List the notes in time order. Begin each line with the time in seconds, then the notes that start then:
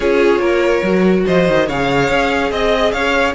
0.00 C#4 F4 G#4 C#5
0.39 A#3 A#4
0.83 F#3 F#4
1.26 F3 C5 D#5
1.48 D#3
1.67 C#3 G#4 C#5 F5
2.09 C#4
2.51 C4 D#5
2.91 C#4 C#5 F5